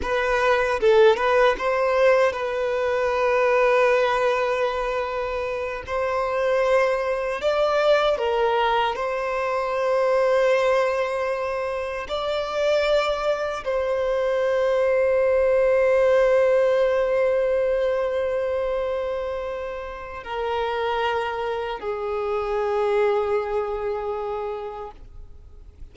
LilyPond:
\new Staff \with { instrumentName = "violin" } { \time 4/4 \tempo 4 = 77 b'4 a'8 b'8 c''4 b'4~ | b'2.~ b'8 c''8~ | c''4. d''4 ais'4 c''8~ | c''2.~ c''8 d''8~ |
d''4. c''2~ c''8~ | c''1~ | c''2 ais'2 | gis'1 | }